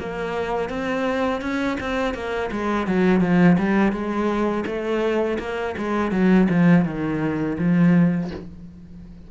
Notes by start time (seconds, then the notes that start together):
0.00 A#3
0.70 C4
1.41 C#4
1.80 C4
2.14 A#3
2.52 G#3
2.87 F#3
3.21 F3
3.58 G3
3.92 G#3
4.66 A3
5.39 A#3
5.78 G#3
6.12 F#3
6.49 F3
6.85 D#3
7.58 F3